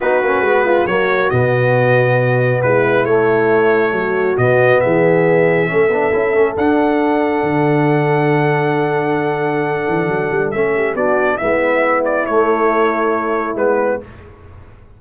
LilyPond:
<<
  \new Staff \with { instrumentName = "trumpet" } { \time 4/4 \tempo 4 = 137 b'2 cis''4 dis''4~ | dis''2 b'4 cis''4~ | cis''2 dis''4 e''4~ | e''2. fis''4~ |
fis''1~ | fis''1 | e''4 d''4 e''4. d''8 | cis''2. b'4 | }
  \new Staff \with { instrumentName = "horn" } { \time 4/4 fis'4. f'8 fis'2~ | fis'2 e'2~ | e'4 fis'2 gis'4~ | gis'4 a'2.~ |
a'1~ | a'1~ | a'8 g'8 fis'4 e'2~ | e'1 | }
  \new Staff \with { instrumentName = "trombone" } { \time 4/4 dis'8 cis'8 b4 ais4 b4~ | b2. a4~ | a2 b2~ | b4 cis'8 d'8 e'8 cis'8 d'4~ |
d'1~ | d'1 | cis'4 d'4 b2 | a2. b4 | }
  \new Staff \with { instrumentName = "tuba" } { \time 4/4 b8 ais8 gis4 fis4 b,4~ | b,2 gis4 a4~ | a4 fis4 b,4 e4~ | e4 a8 b8 cis'8 a8 d'4~ |
d'4 d2.~ | d2~ d8 e8 fis8 g8 | a4 b4 gis2 | a2. gis4 | }
>>